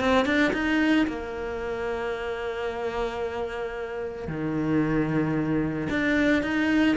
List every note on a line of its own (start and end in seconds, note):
0.00 0.26 C4
0.26 0.53 D4
0.53 1.07 D#4
1.08 4.28 A#3
4.28 5.89 D#3
5.91 6.43 D4
6.43 6.97 D#4